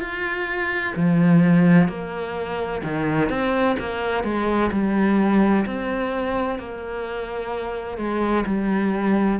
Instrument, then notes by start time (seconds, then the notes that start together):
cello
0.00 F4
0.95 F3
1.88 A#3
2.83 D#3
3.29 C4
3.79 A#3
4.24 G#3
4.72 G3
5.66 C4
6.59 A#3
7.98 G#3
8.46 G3